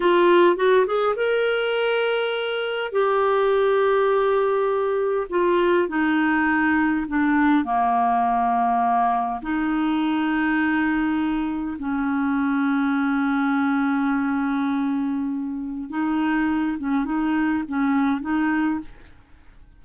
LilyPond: \new Staff \with { instrumentName = "clarinet" } { \time 4/4 \tempo 4 = 102 f'4 fis'8 gis'8 ais'2~ | ais'4 g'2.~ | g'4 f'4 dis'2 | d'4 ais2. |
dis'1 | cis'1~ | cis'2. dis'4~ | dis'8 cis'8 dis'4 cis'4 dis'4 | }